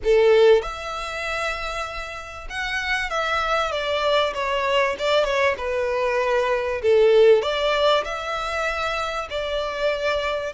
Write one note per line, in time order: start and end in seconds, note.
0.04 0.62 A4
0.62 2.47 E5
2.49 3.09 F#5
3.09 3.71 E5
3.71 4.33 D5
4.34 4.95 C#5
4.98 5.24 D5
5.24 5.55 C#5
5.57 6.81 B4
6.82 7.42 A4
7.42 8.04 D5
8.04 9.28 E5
9.30 10.53 D5